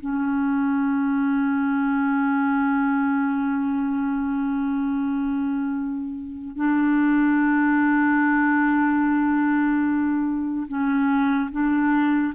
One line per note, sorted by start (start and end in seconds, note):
0.00 6.56 C#4
6.56 10.67 D4
10.68 11.50 C#4
11.51 12.34 D4